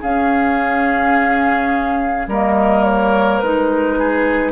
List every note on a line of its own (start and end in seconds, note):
0.00 2.27 C#4
0.00 2.29 C#4
0.00 2.26 G#4
0.00 2.29 F5
2.27 3.41 G3
2.27 3.44 A#3
2.27 3.99 A#4
2.27 2.84 D#5
2.84 3.39 C#5
3.39 4.52 G#3
3.39 4.52 D#4
3.39 4.52 B4
3.99 4.52 G#4